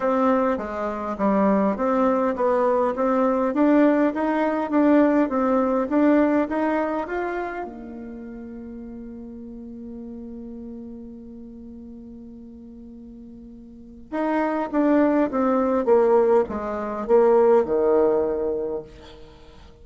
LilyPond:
\new Staff \with { instrumentName = "bassoon" } { \time 4/4 \tempo 4 = 102 c'4 gis4 g4 c'4 | b4 c'4 d'4 dis'4 | d'4 c'4 d'4 dis'4 | f'4 ais2.~ |
ais1~ | ais1 | dis'4 d'4 c'4 ais4 | gis4 ais4 dis2 | }